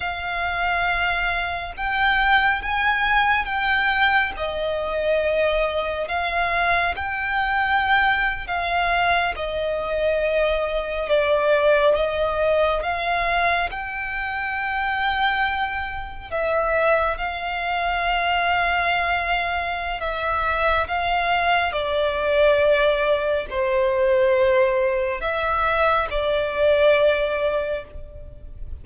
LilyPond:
\new Staff \with { instrumentName = "violin" } { \time 4/4 \tempo 4 = 69 f''2 g''4 gis''4 | g''4 dis''2 f''4 | g''4.~ g''16 f''4 dis''4~ dis''16~ | dis''8. d''4 dis''4 f''4 g''16~ |
g''2~ g''8. e''4 f''16~ | f''2. e''4 | f''4 d''2 c''4~ | c''4 e''4 d''2 | }